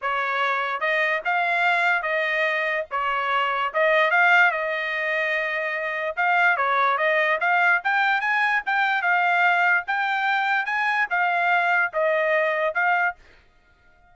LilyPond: \new Staff \with { instrumentName = "trumpet" } { \time 4/4 \tempo 4 = 146 cis''2 dis''4 f''4~ | f''4 dis''2 cis''4~ | cis''4 dis''4 f''4 dis''4~ | dis''2. f''4 |
cis''4 dis''4 f''4 g''4 | gis''4 g''4 f''2 | g''2 gis''4 f''4~ | f''4 dis''2 f''4 | }